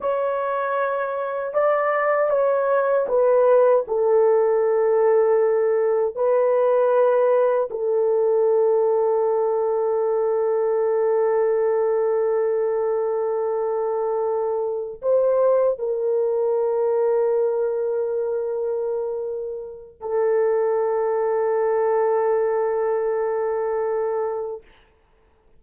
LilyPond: \new Staff \with { instrumentName = "horn" } { \time 4/4 \tempo 4 = 78 cis''2 d''4 cis''4 | b'4 a'2. | b'2 a'2~ | a'1~ |
a'2.~ a'8 c''8~ | c''8 ais'2.~ ais'8~ | ais'2 a'2~ | a'1 | }